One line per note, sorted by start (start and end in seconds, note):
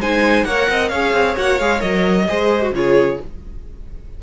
0.00 0.45 G#3
0.00 0.48 D#4
0.00 0.46 C5
0.00 0.44 G#5
0.44 0.68 A#3
0.44 0.93 A#4
0.44 0.69 C#5
0.44 0.89 F#5
0.69 0.91 C4
0.69 0.90 D#5
0.89 1.13 C#4
0.89 1.36 G#4
0.89 2.27 C#5
0.89 1.35 F5
1.13 1.36 C4
1.36 1.60 A#3
1.36 1.59 F#4
1.36 1.59 F#5
1.59 1.82 G#3
1.59 1.80 G#4
1.59 1.81 F5
1.80 2.28 F#3
1.80 2.25 A#4
1.80 2.72 D#5
2.28 2.71 G#3
2.28 2.62 G#4
2.28 2.74 C5
2.62 2.74 F#4
2.71 3.17 C#3
2.71 3.20 F4
2.71 3.22 G#4
2.71 3.21 C#5